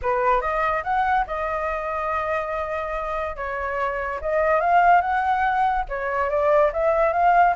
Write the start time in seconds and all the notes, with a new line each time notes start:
0.02 B4
0.41 D#5
0.83 F#5
1.26 D#5
3.35 C#5
4.21 D#5
4.60 F5
5.01 F#5
5.88 C#5
6.29 D5
6.72 E5
7.13 F5